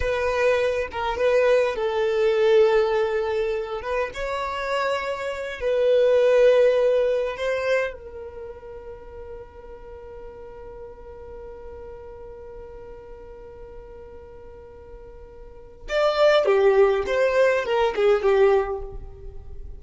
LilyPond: \new Staff \with { instrumentName = "violin" } { \time 4/4 \tempo 4 = 102 b'4. ais'8 b'4 a'4~ | a'2~ a'8 b'8 cis''4~ | cis''4. b'2~ b'8~ | b'8 c''4 ais'2~ ais'8~ |
ais'1~ | ais'1~ | ais'2. d''4 | g'4 c''4 ais'8 gis'8 g'4 | }